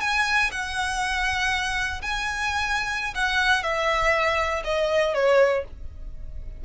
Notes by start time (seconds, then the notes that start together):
0.00 G#5
0.51 F#5
2.01 G#5
3.14 F#5
3.63 E5
4.64 D#5
5.14 C#5